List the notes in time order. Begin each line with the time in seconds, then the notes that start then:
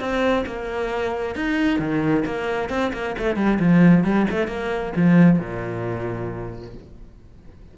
0.00 C4
0.46 A#3
1.36 D#4
1.79 D#3
2.26 A#3
2.69 C4
2.93 A#3
3.19 A3
3.36 G3
3.59 F3
4.04 G3
4.31 A3
4.48 A#3
4.96 F3
5.39 A#2